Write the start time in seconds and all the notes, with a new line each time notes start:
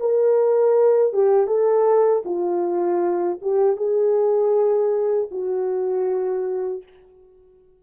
0.00 A#4
1.13 G4
1.47 A4
2.25 F4
3.41 G4
3.77 G#4
5.31 F#4